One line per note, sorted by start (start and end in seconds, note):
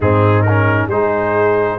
0.00 0.87 G#2
0.00 0.46 C4
0.00 0.87 D#4
0.00 0.42 G#4
0.42 0.87 A#4
0.48 0.91 C#4
0.87 1.76 G#3
0.87 1.79 D#4
0.87 1.77 G#4
0.87 1.79 C5